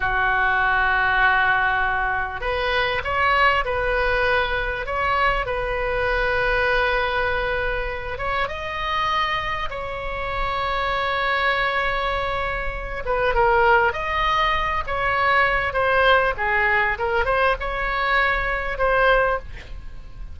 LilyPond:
\new Staff \with { instrumentName = "oboe" } { \time 4/4 \tempo 4 = 99 fis'1 | b'4 cis''4 b'2 | cis''4 b'2.~ | b'4. cis''8 dis''2 |
cis''1~ | cis''4. b'8 ais'4 dis''4~ | dis''8 cis''4. c''4 gis'4 | ais'8 c''8 cis''2 c''4 | }